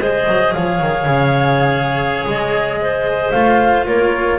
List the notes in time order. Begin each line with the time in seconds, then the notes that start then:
0.00 G#3 G#4 C5 D#5
0.28 F#3
0.53 F3 C#5 F5
0.81 D#3
1.06 C#3
2.26 G#3 D#5
2.81 C5
3.32 A3 F4 F5
3.86 A#3 A#4 C#5